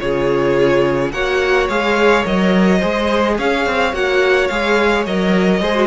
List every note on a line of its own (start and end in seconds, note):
0.00 1.12 C#3
0.00 1.12 F4
0.00 1.14 G#4
0.00 1.12 C#5
1.12 1.69 A#3
1.12 1.70 F#4
1.12 2.79 C#5
1.12 1.68 F#5
1.69 2.25 G#3
1.69 2.24 G#4
1.69 2.25 F5
2.24 2.82 F#3
2.24 2.80 A#4
2.24 3.38 D#5
2.79 3.38 G#3
2.79 3.93 G#4
2.79 3.35 C5
3.38 3.66 C#4
3.38 5.61 C#5
3.38 3.95 F5
3.66 3.93 C4
3.93 4.49 A#3
3.93 4.49 F#4
3.93 4.48 F#5
4.48 5.06 G#3
4.48 5.07 G#4
4.48 5.04 F5
5.06 5.61 F#3
5.06 5.63 A#4
5.06 5.87 D#5
5.61 5.87 G#3
5.61 5.75 G#4
5.61 5.87 C5
5.75 5.87 F#4